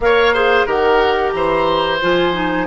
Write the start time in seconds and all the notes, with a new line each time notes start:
0.00 A#3 A#4 C#5 F5
0.33 G#4 C5
0.66 D#3 G4 A#4 F#5
1.30 E3 C5 A#5
2.01 F3 F4 G#5
2.32 D#4